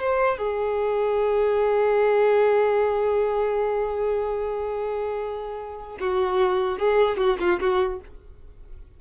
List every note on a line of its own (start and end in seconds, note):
0.00 0.38 C5
0.38 5.98 G#4
6.01 6.79 F#4
6.79 7.18 G#4
7.18 7.38 F#4
7.40 7.60 F4
7.61 8.01 F#4